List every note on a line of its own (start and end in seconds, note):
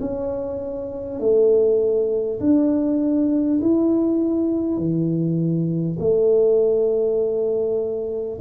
0.00 1.19 C#4
1.19 2.39 A3
2.41 3.61 D4
3.61 4.77 E4
4.77 5.97 E3
5.99 8.39 A3